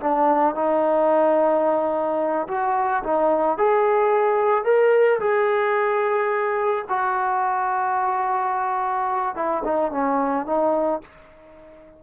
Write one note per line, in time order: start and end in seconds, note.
0.00 0.55 D4
0.55 2.48 D#4
2.48 3.03 F#4
3.04 3.58 D#4
3.58 4.64 G#4
4.64 5.19 A#4
5.20 6.85 G#4
6.89 9.36 F#4
9.36 9.63 E4
9.64 9.92 D#4
9.92 10.46 C#4
10.46 11.01 D#4